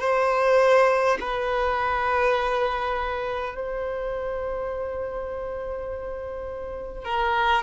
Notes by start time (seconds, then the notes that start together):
0.00 C5
1.20 B4
3.55 C5
7.04 A#4